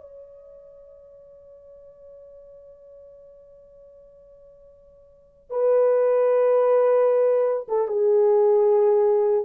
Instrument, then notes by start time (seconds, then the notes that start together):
horn
0.00 C#5
5.50 B4
7.68 A4
7.87 G#4